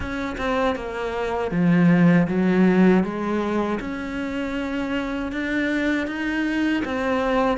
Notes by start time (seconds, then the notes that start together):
0.00 C#4
0.37 C4
0.75 A#3
1.51 F3
2.27 F#3
3.03 G#3
3.80 C#4
5.32 D4
6.07 D#4
6.85 C4